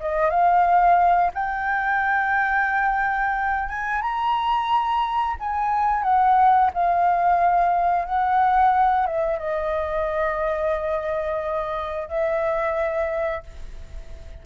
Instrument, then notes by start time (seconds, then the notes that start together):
flute
0.00 D#5
0.30 F5
1.34 G5
3.69 G#5
4.01 A#5
5.39 G#5
6.03 F#5
6.73 F5
8.05 F#5
9.06 E5
9.39 D#5
12.08 E5